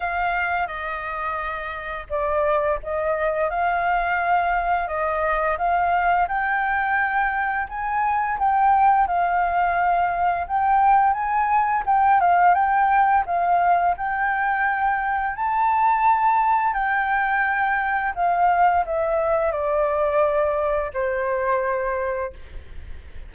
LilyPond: \new Staff \with { instrumentName = "flute" } { \time 4/4 \tempo 4 = 86 f''4 dis''2 d''4 | dis''4 f''2 dis''4 | f''4 g''2 gis''4 | g''4 f''2 g''4 |
gis''4 g''8 f''8 g''4 f''4 | g''2 a''2 | g''2 f''4 e''4 | d''2 c''2 | }